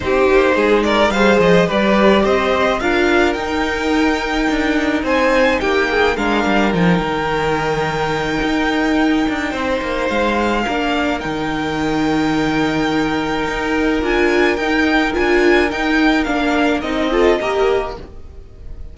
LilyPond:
<<
  \new Staff \with { instrumentName = "violin" } { \time 4/4 \tempo 4 = 107 c''4. d''8 f''8 dis''8 d''4 | dis''4 f''4 g''2~ | g''4 gis''4 g''4 f''4 | g''1~ |
g''2 f''2 | g''1~ | g''4 gis''4 g''4 gis''4 | g''4 f''4 dis''2 | }
  \new Staff \with { instrumentName = "violin" } { \time 4/4 g'4 gis'8 ais'8 c''4 b'4 | c''4 ais'2.~ | ais'4 c''4 g'8 gis'8 ais'4~ | ais'1~ |
ais'4 c''2 ais'4~ | ais'1~ | ais'1~ | ais'2~ ais'8 a'8 ais'4 | }
  \new Staff \with { instrumentName = "viola" } { \time 4/4 dis'2 gis'4 g'4~ | g'4 f'4 dis'2~ | dis'2. d'4 | dis'1~ |
dis'2. d'4 | dis'1~ | dis'4 f'4 dis'4 f'4 | dis'4 d'4 dis'8 f'8 g'4 | }
  \new Staff \with { instrumentName = "cello" } { \time 4/4 c'8 ais8 gis4 g8 f8 g4 | c'4 d'4 dis'2 | d'4 c'4 ais4 gis8 g8 | f8 dis2~ dis8 dis'4~ |
dis'8 d'8 c'8 ais8 gis4 ais4 | dis1 | dis'4 d'4 dis'4 d'4 | dis'4 ais4 c'4 ais4 | }
>>